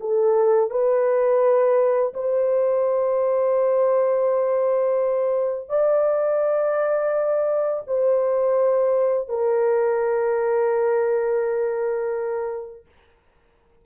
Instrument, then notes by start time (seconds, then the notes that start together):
horn
0.00 A4
0.70 B4
2.14 C5
5.69 D5
7.87 C5
9.28 A#4